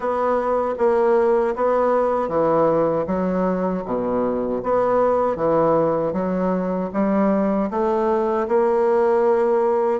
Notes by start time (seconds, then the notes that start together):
0.00 B3
0.77 A#3
1.55 B3
2.28 E3
3.07 F#3
3.85 B2
4.63 B3
5.35 E3
6.13 F#3
6.93 G3
7.70 A3
8.48 A#3